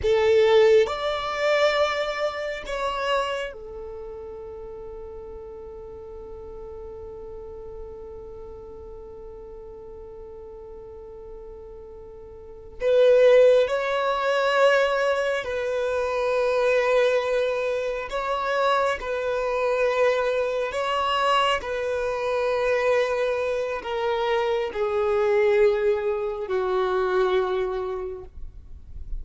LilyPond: \new Staff \with { instrumentName = "violin" } { \time 4/4 \tempo 4 = 68 a'4 d''2 cis''4 | a'1~ | a'1~ | a'2~ a'8 b'4 cis''8~ |
cis''4. b'2~ b'8~ | b'8 cis''4 b'2 cis''8~ | cis''8 b'2~ b'8 ais'4 | gis'2 fis'2 | }